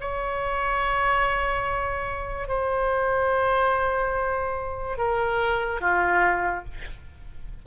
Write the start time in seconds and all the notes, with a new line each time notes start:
0.00 C#5
2.48 C5
4.97 A#4
5.80 F4